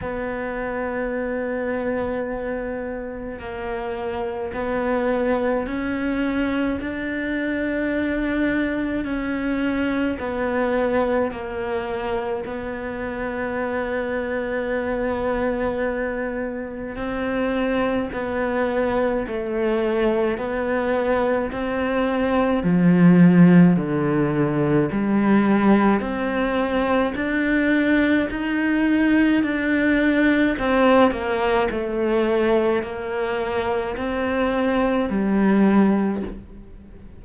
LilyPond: \new Staff \with { instrumentName = "cello" } { \time 4/4 \tempo 4 = 53 b2. ais4 | b4 cis'4 d'2 | cis'4 b4 ais4 b4~ | b2. c'4 |
b4 a4 b4 c'4 | f4 d4 g4 c'4 | d'4 dis'4 d'4 c'8 ais8 | a4 ais4 c'4 g4 | }